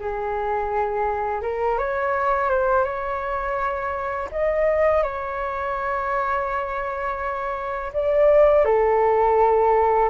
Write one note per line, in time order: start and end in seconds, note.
0.00 1.42 G#4
1.42 1.78 A#4
1.78 2.50 C#5
2.50 2.85 C5
2.85 4.29 C#5
4.31 5.03 D#5
5.03 7.92 C#5
7.93 8.65 D5
8.65 10.10 A4